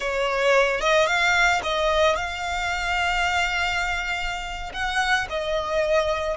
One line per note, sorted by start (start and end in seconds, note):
0.00 0.80 C#5
0.80 1.06 D#5
1.06 1.60 F5
1.63 2.15 D#5
2.15 4.72 F5
4.73 5.27 F#5
5.29 6.36 D#5